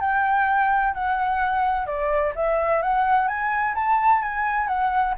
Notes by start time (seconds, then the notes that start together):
0.00 G5
0.93 F#5
1.86 D5
2.35 E5
2.82 F#5
3.27 G#5
3.75 A5
4.22 G#5
4.67 F#5